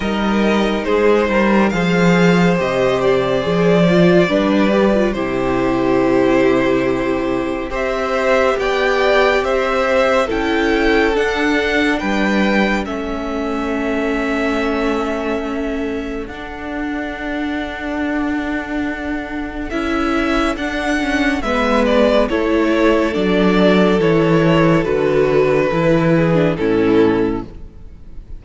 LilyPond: <<
  \new Staff \with { instrumentName = "violin" } { \time 4/4 \tempo 4 = 70 dis''4 c''4 f''4 dis''8 d''8~ | d''2 c''2~ | c''4 e''4 g''4 e''4 | g''4 fis''4 g''4 e''4~ |
e''2. fis''4~ | fis''2. e''4 | fis''4 e''8 d''8 cis''4 d''4 | cis''4 b'2 a'4 | }
  \new Staff \with { instrumentName = "violin" } { \time 4/4 ais'4 gis'8 ais'8 c''2~ | c''4 b'4 g'2~ | g'4 c''4 d''4 c''4 | a'2 b'4 a'4~ |
a'1~ | a'1~ | a'4 b'4 a'2~ | a'2~ a'8 gis'8 e'4 | }
  \new Staff \with { instrumentName = "viola" } { \time 4/4 dis'2 gis'4 g'4 | gis'8 f'8 d'8 g'16 f'16 e'2~ | e'4 g'2. | e'4 d'2 cis'4~ |
cis'2. d'4~ | d'2. e'4 | d'8 cis'8 b4 e'4 d'4 | e'4 fis'4 e'8. d'16 cis'4 | }
  \new Staff \with { instrumentName = "cello" } { \time 4/4 g4 gis8 g8 f4 c4 | f4 g4 c2~ | c4 c'4 b4 c'4 | cis'4 d'4 g4 a4~ |
a2. d'4~ | d'2. cis'4 | d'4 gis4 a4 fis4 | e4 d4 e4 a,4 | }
>>